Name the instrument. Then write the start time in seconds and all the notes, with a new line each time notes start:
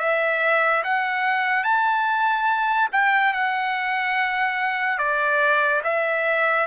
trumpet
0.00 E5
0.84 F#5
1.64 A5
2.93 G5
3.34 F#5
4.99 D5
5.84 E5